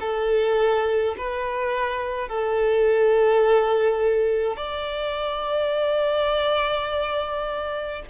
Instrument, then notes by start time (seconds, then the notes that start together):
violin
0.00 A4
1.18 B4
2.28 A4
4.56 D5